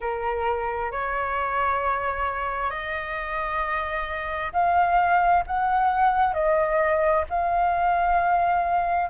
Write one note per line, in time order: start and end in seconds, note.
0.00 0.91 A#4
0.91 2.70 C#5
2.70 4.52 D#5
4.52 5.43 F5
5.46 6.33 F#5
6.33 7.24 D#5
7.29 9.10 F5